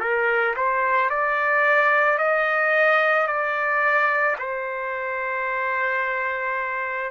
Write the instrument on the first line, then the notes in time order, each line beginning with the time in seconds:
trumpet
0.00 A#4
0.56 C5
1.10 D5
2.18 D#5
3.27 D5
4.39 C5